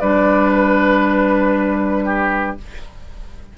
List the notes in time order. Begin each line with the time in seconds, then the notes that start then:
0.00 G3 D4 B4 D5
0.53 B4
2.05 G4